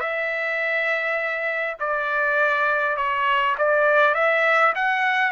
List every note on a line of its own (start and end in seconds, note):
0.00 1.76 E5
1.80 2.97 D5
2.97 3.56 C#5
3.58 4.14 D5
4.14 4.73 E5
4.75 5.32 F#5